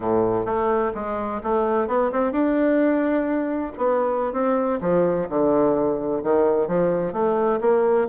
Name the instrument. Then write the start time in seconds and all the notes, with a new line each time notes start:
bassoon
0.00 A2
0.45 A3
0.94 G#3
1.43 A3
1.87 B3
2.11 C4
2.31 D4
3.77 B3
4.32 C4
4.80 F3
5.29 D3
6.23 D#3
6.67 F3
7.12 A3
7.60 A#3